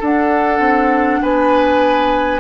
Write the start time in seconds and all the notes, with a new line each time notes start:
0.00 D4 A4 F#5
0.60 C4
1.23 B3 B4 G#5